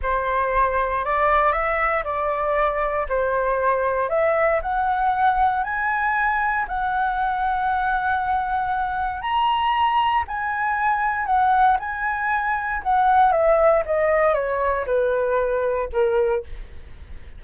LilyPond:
\new Staff \with { instrumentName = "flute" } { \time 4/4 \tempo 4 = 117 c''2 d''4 e''4 | d''2 c''2 | e''4 fis''2 gis''4~ | gis''4 fis''2.~ |
fis''2 ais''2 | gis''2 fis''4 gis''4~ | gis''4 fis''4 e''4 dis''4 | cis''4 b'2 ais'4 | }